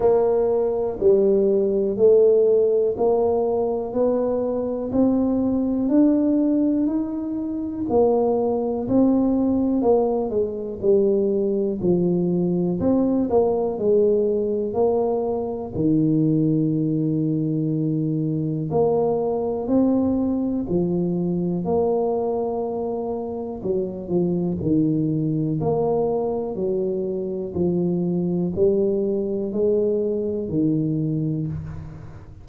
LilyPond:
\new Staff \with { instrumentName = "tuba" } { \time 4/4 \tempo 4 = 61 ais4 g4 a4 ais4 | b4 c'4 d'4 dis'4 | ais4 c'4 ais8 gis8 g4 | f4 c'8 ais8 gis4 ais4 |
dis2. ais4 | c'4 f4 ais2 | fis8 f8 dis4 ais4 fis4 | f4 g4 gis4 dis4 | }